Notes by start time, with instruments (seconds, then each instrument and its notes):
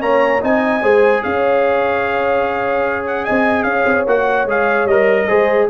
0.00 tuba A#3, trombone C#4, horn C#5, trumpet A#5
0.41 tuba C4, trombone D#4, horn D#5, trumpet G#5
0.82 tuba G#3, trombone G#4, horn C5
1.23 tuba C#4, horn C#5, trumpet F5
3.07 trumpet F#5
3.25 tuba C4, horn D#5, trumpet G#5
3.63 tuba C#4, horn C#5, trumpet F5
3.85 tuba C4
4.07 tuba A#3, trombone F#4, trumpet F#5
4.46 tuba G#3, trombone G#4, trumpet F5
4.85 tuba G3, trombone A#4, trumpet D#5
5.28 tuba G#3, trombone G#4, horn C5